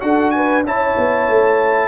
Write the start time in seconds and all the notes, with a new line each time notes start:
0.00 D4 F#4 A4 F#5
0.31 B4 G#5
0.64 C#4 E4 C#5 A5
0.97 B3
1.28 A3